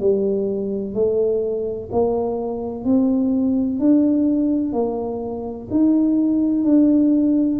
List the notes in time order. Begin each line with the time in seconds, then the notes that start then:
0.00 G3
0.95 A3
1.92 A#3
2.85 C4
3.80 D4
4.73 A#3
5.71 D#4
6.65 D4